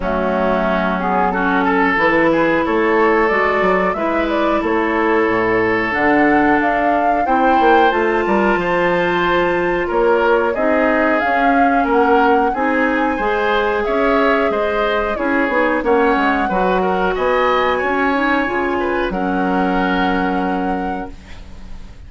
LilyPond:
<<
  \new Staff \with { instrumentName = "flute" } { \time 4/4 \tempo 4 = 91 fis'4. gis'8 a'4 b'4 | cis''4 d''4 e''8 d''8 cis''4~ | cis''4 fis''4 f''4 g''4 | a''2. cis''4 |
dis''4 f''4 fis''4 gis''4~ | gis''4 e''4 dis''4 cis''4 | fis''2 gis''2~ | gis''4 fis''2. | }
  \new Staff \with { instrumentName = "oboe" } { \time 4/4 cis'2 fis'8 a'4 gis'8 | a'2 b'4 a'4~ | a'2. c''4~ | c''8 ais'8 c''2 ais'4 |
gis'2 ais'4 gis'4 | c''4 cis''4 c''4 gis'4 | cis''4 b'8 ais'8 dis''4 cis''4~ | cis''8 b'8 ais'2. | }
  \new Staff \with { instrumentName = "clarinet" } { \time 4/4 a4. b8 cis'4 e'4~ | e'4 fis'4 e'2~ | e'4 d'2 e'4 | f'1 |
dis'4 cis'2 dis'4 | gis'2. e'8 dis'8 | cis'4 fis'2~ fis'8 dis'8 | f'4 cis'2. | }
  \new Staff \with { instrumentName = "bassoon" } { \time 4/4 fis2. e4 | a4 gis8 fis8 gis4 a4 | a,4 d4 d'4 c'8 ais8 | a8 g8 f2 ais4 |
c'4 cis'4 ais4 c'4 | gis4 cis'4 gis4 cis'8 b8 | ais8 gis8 fis4 b4 cis'4 | cis4 fis2. | }
>>